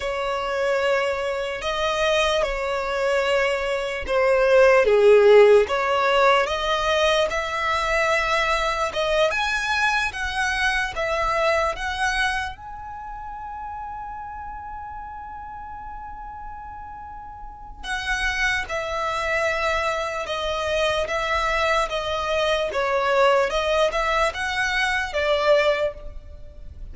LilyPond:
\new Staff \with { instrumentName = "violin" } { \time 4/4 \tempo 4 = 74 cis''2 dis''4 cis''4~ | cis''4 c''4 gis'4 cis''4 | dis''4 e''2 dis''8 gis''8~ | gis''8 fis''4 e''4 fis''4 gis''8~ |
gis''1~ | gis''2 fis''4 e''4~ | e''4 dis''4 e''4 dis''4 | cis''4 dis''8 e''8 fis''4 d''4 | }